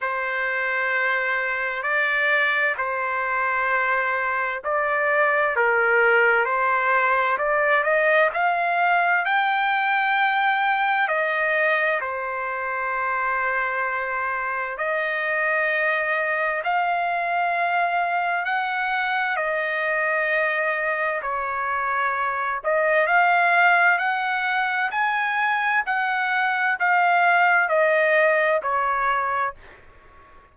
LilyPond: \new Staff \with { instrumentName = "trumpet" } { \time 4/4 \tempo 4 = 65 c''2 d''4 c''4~ | c''4 d''4 ais'4 c''4 | d''8 dis''8 f''4 g''2 | dis''4 c''2. |
dis''2 f''2 | fis''4 dis''2 cis''4~ | cis''8 dis''8 f''4 fis''4 gis''4 | fis''4 f''4 dis''4 cis''4 | }